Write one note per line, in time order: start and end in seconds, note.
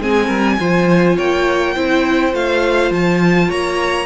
0.00 0.29 G#3
0.00 0.59 C4
0.00 0.27 G#4
0.00 1.18 G#5
0.27 0.59 G3
0.27 0.56 A#4
0.60 1.19 F3
0.60 1.76 F4
0.60 1.17 C5
1.17 1.76 A#3
1.17 1.75 C#5
1.17 2.35 G5
1.75 2.34 C4
1.75 2.32 E4
1.75 3.49 C5
2.32 2.91 A3
2.32 4.07 F4
2.32 2.93 F5
2.91 3.49 F3
2.91 3.51 A5
3.49 4.07 A#3
3.49 4.07 C#5
3.49 4.07 A#5